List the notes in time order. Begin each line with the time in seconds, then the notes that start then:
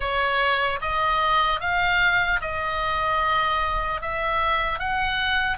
0.00 C#5
0.81 D#5
1.60 F5
2.41 D#5
4.01 E5
4.79 F#5